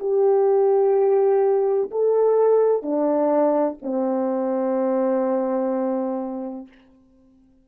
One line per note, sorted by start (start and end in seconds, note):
0.00 1.90 G4
1.91 2.83 A4
2.83 3.78 D4
3.82 6.68 C4